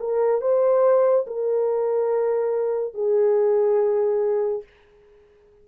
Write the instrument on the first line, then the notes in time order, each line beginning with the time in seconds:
horn
0.00 A#4
0.42 C5
1.27 A#4
2.95 G#4